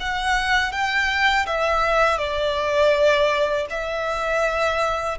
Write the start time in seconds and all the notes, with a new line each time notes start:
0.00 F#5
0.72 G5
1.46 E5
2.18 D5
3.70 E5